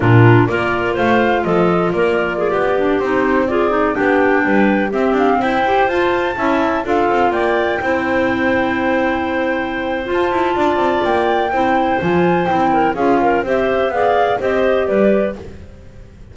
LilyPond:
<<
  \new Staff \with { instrumentName = "flute" } { \time 4/4 \tempo 4 = 125 ais'4 d''4 f''4 dis''4 | d''2~ d''16 c''4 d''8.~ | d''16 g''2 e''8 f''8 g''8.~ | g''16 a''2 f''4 g''8.~ |
g''1~ | g''4 a''2 g''4~ | g''4 gis''4 g''4 f''4 | e''4 f''4 dis''4 d''4 | }
  \new Staff \with { instrumentName = "clarinet" } { \time 4/4 f'4 ais'4 c''4 a'4 | ais'4 gis'16 g'2 gis'8.~ | gis'16 g'4 b'4 g'4 c''8.~ | c''4~ c''16 e''4 a'4 d''8.~ |
d''16 c''2.~ c''8.~ | c''2 d''2 | c''2~ c''8 ais'8 gis'8 ais'8 | c''4 d''4 c''4 b'4 | }
  \new Staff \with { instrumentName = "clarinet" } { \time 4/4 d'4 f'2.~ | f'4.~ f'16 d'8 dis'4 f'8 dis'16~ | dis'16 d'2 c'4. g'16~ | g'16 f'4 e'4 f'4.~ f'16~ |
f'16 e'2.~ e'8.~ | e'4 f'2. | e'4 f'4 e'4 f'4 | g'4 gis'4 g'2 | }
  \new Staff \with { instrumentName = "double bass" } { \time 4/4 ais,4 ais4 a4 f4 | ais4~ ais16 b4 c'4.~ c'16~ | c'16 b4 g4 c'8 d'8 e'8.~ | e'16 f'4 cis'4 d'8 c'8 ais8.~ |
ais16 c'2.~ c'8.~ | c'4 f'8 e'8 d'8 c'8 ais4 | c'4 f4 c'4 cis'4 | c'4 b4 c'4 g4 | }
>>